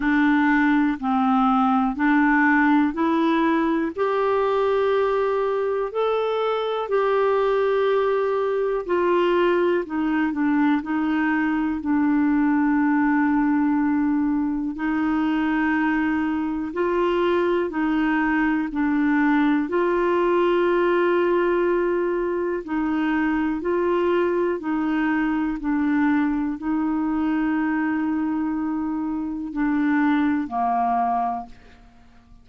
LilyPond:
\new Staff \with { instrumentName = "clarinet" } { \time 4/4 \tempo 4 = 61 d'4 c'4 d'4 e'4 | g'2 a'4 g'4~ | g'4 f'4 dis'8 d'8 dis'4 | d'2. dis'4~ |
dis'4 f'4 dis'4 d'4 | f'2. dis'4 | f'4 dis'4 d'4 dis'4~ | dis'2 d'4 ais4 | }